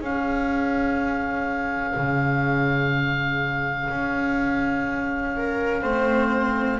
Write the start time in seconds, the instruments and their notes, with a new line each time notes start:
0.00 double bass C#4, cello C#4, viola G#4, oboe F5
1.96 double bass C#3
3.89 double bass C#4
5.36 viola A#4
5.82 double bass A3, cello C4, viola C5